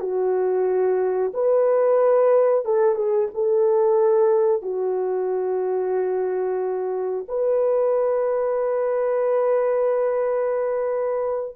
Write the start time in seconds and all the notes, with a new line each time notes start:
0.00 F#4
1.33 B4
2.65 A4
2.95 G#4
3.34 A4
4.62 F#4
7.28 B4